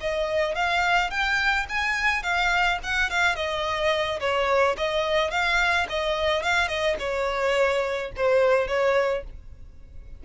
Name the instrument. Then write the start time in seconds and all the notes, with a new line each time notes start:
violin
0.00 D#5
0.55 F5
1.10 G5
1.69 G#5
2.23 F5
2.83 F#5
3.09 F5
3.35 D#5
4.20 C#5
4.77 D#5
5.30 F5
5.89 D#5
6.43 F5
6.68 D#5
6.99 C#5
8.16 C5
8.67 C#5